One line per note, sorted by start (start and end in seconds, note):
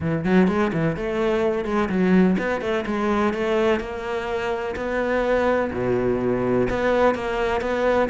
0.00 0.24 E3
0.24 0.47 F#3
0.47 0.71 G#3
0.73 0.96 E3
0.96 1.65 A3
1.65 1.88 G#3
1.89 2.36 F#3
2.38 2.61 B3
2.61 2.84 A3
2.85 3.33 G#3
3.33 3.80 A3
3.80 4.75 A#3
4.76 5.71 B3
5.72 6.68 B2
6.69 7.14 B3
7.14 7.61 A#3
7.61 8.08 B3